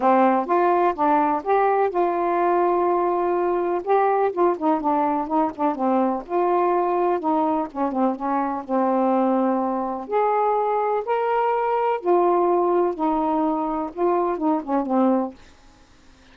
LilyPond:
\new Staff \with { instrumentName = "saxophone" } { \time 4/4 \tempo 4 = 125 c'4 f'4 d'4 g'4 | f'1 | g'4 f'8 dis'8 d'4 dis'8 d'8 | c'4 f'2 dis'4 |
cis'8 c'8 cis'4 c'2~ | c'4 gis'2 ais'4~ | ais'4 f'2 dis'4~ | dis'4 f'4 dis'8 cis'8 c'4 | }